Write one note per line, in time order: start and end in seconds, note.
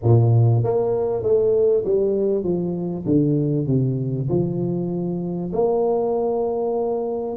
0.03 0.63 A#2
0.63 1.22 A#3
1.22 1.84 A3
1.85 2.43 G3
2.43 3.04 F3
3.05 3.66 D3
3.67 4.28 C3
4.29 5.51 F3
5.52 7.36 A#3